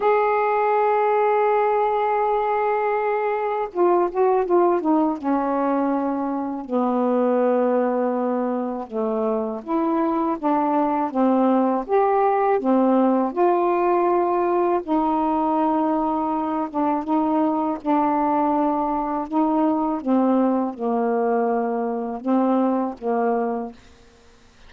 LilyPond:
\new Staff \with { instrumentName = "saxophone" } { \time 4/4 \tempo 4 = 81 gis'1~ | gis'4 f'8 fis'8 f'8 dis'8 cis'4~ | cis'4 b2. | a4 e'4 d'4 c'4 |
g'4 c'4 f'2 | dis'2~ dis'8 d'8 dis'4 | d'2 dis'4 c'4 | ais2 c'4 ais4 | }